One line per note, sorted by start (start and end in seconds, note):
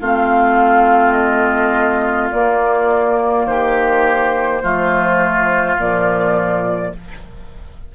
0.00 2.31 A3
0.00 2.33 C4
0.00 3.46 F4
0.00 1.13 F5
1.13 2.28 D#5
2.31 4.63 A#3
2.31 3.46 A#3
2.31 3.47 D5
3.46 4.61 D#3
3.46 4.63 G4
3.46 5.77 C5
4.63 5.77 F3
4.63 5.79 A3
4.63 6.94 F4
5.77 6.93 A#2
5.77 6.94 F3
5.77 6.95 D5